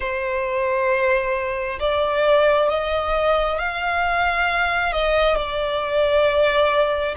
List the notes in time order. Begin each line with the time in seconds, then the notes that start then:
0.00 C5
1.79 D5
2.69 D#5
3.58 F5
4.92 D#5
5.35 D5